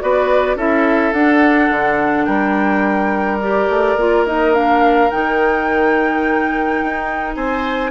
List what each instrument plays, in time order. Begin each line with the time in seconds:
0.00 bassoon B3, clarinet F#4, oboe B4, flute D5
0.55 bassoon C#4, clarinet E4, oboe A4, flute E5
1.13 bassoon D4, clarinet D4, flute F#5
1.70 bassoon D3
2.25 bassoon G3, oboe A#4, flute G5
3.39 clarinet G4, flute D5
3.69 bassoon A3
3.96 bassoon A#3, clarinet F4
4.25 clarinet D#4, flute D#5
4.53 clarinet D4, flute F5
5.10 bassoon D#3, clarinet D#4, flute G5
6.82 bassoon D#4
7.35 bassoon C4, oboe C5, flute G#5